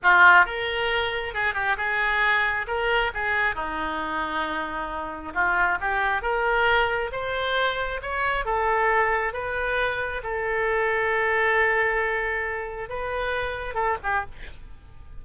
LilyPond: \new Staff \with { instrumentName = "oboe" } { \time 4/4 \tempo 4 = 135 f'4 ais'2 gis'8 g'8 | gis'2 ais'4 gis'4 | dis'1 | f'4 g'4 ais'2 |
c''2 cis''4 a'4~ | a'4 b'2 a'4~ | a'1~ | a'4 b'2 a'8 g'8 | }